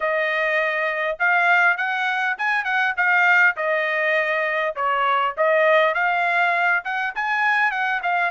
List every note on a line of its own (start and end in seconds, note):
0.00 1.17 D#5
1.19 1.77 F5
1.77 2.36 F#5
2.38 2.64 G#5
2.64 2.94 F#5
2.96 3.56 F5
3.56 4.75 D#5
4.75 5.35 C#5
5.37 5.94 D#5
5.94 6.83 F5
6.84 7.14 F#5
7.15 7.71 G#5
7.71 8.00 F#5
8.03 8.30 F5